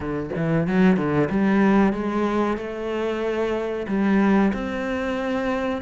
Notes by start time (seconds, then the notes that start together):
0.00 D3
0.35 E3
0.67 F#3
0.96 D3
1.30 G3
1.92 G#3
2.57 A3
3.87 G3
4.53 C4